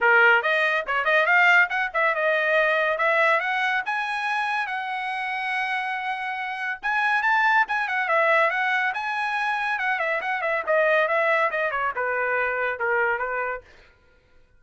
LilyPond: \new Staff \with { instrumentName = "trumpet" } { \time 4/4 \tempo 4 = 141 ais'4 dis''4 cis''8 dis''8 f''4 | fis''8 e''8 dis''2 e''4 | fis''4 gis''2 fis''4~ | fis''1 |
gis''4 a''4 gis''8 fis''8 e''4 | fis''4 gis''2 fis''8 e''8 | fis''8 e''8 dis''4 e''4 dis''8 cis''8 | b'2 ais'4 b'4 | }